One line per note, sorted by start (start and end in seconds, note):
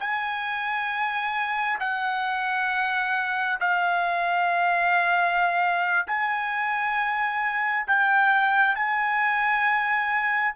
0.00 1.79 G#5
1.80 3.59 F#5
3.61 6.07 F5
6.07 7.86 G#5
7.88 8.76 G5
8.76 10.55 G#5